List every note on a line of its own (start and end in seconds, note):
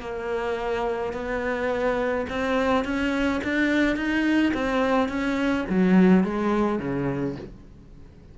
0.00 1.13 A#3
1.13 2.26 B3
2.29 2.84 C4
2.84 3.41 C#4
3.43 3.96 D4
3.96 4.52 D#4
4.54 5.08 C4
5.08 5.65 C#4
5.69 6.23 F#3
6.23 6.79 G#3
6.79 7.35 C#3